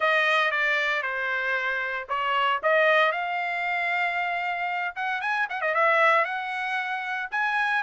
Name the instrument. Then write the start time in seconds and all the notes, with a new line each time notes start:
trumpet
0.00 D#5
0.51 D5
1.02 C5
2.08 C#5
2.63 D#5
3.12 F5
4.95 F#5
5.21 G#5
5.49 F#5
5.61 D#5
5.74 E5
6.25 F#5
7.31 G#5